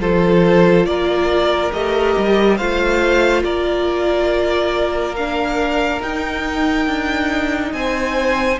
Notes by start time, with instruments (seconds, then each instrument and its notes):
0.00 cello F3, viola F4, violin A4 C5
0.85 cello A#3, violin A#4 D5
1.72 cello A3, viola G4, violin D#5
2.17 cello G3
2.57 cello A3, viola F4, violin C5 F5
3.43 cello A#3, violin A#4 D5
5.16 viola D4, violin F5
6.01 viola D#4, cello D#4, violin G5
6.87 cello D4
7.73 cello C4, violin C5 G#5